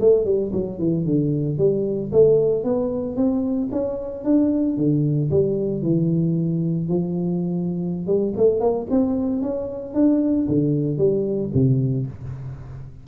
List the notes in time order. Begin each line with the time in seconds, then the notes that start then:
0.00 A3
0.25 G3
0.53 F#3
0.79 E3
1.05 D3
1.58 G3
2.12 A3
2.64 B3
3.16 C4
3.72 C#4
4.24 D4
4.77 D3
5.30 G3
5.82 E3
6.89 F3
8.07 G3
8.37 A3
8.60 A#3
8.90 C4
9.42 C#4
9.94 D4
10.48 D3
10.98 G3
11.54 C3